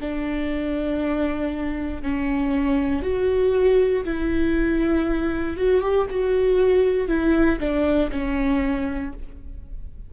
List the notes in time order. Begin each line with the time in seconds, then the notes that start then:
0.00 D4
2.02 C#4
3.02 F#4
4.04 E4
5.57 F#4
5.81 G4
6.10 F#4
7.08 E4
7.59 D4
8.11 C#4